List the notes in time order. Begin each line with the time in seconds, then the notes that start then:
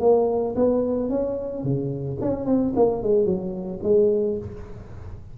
0.00 A#3
0.55 B3
1.10 C#4
1.63 C#3
2.21 C#4
2.46 C4
2.76 A#3
3.02 G#3
3.25 F#3
3.83 G#3